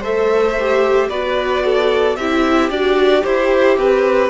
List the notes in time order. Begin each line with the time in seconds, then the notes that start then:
0.00 A3 A4 C5 E5
0.59 G4
1.09 B3 F#4 B4 D5
1.64 A4
2.16 C4 E4 G4 E5
2.69 D4 F#4 D5
3.22 E4 G4 C5
3.77 C4 B4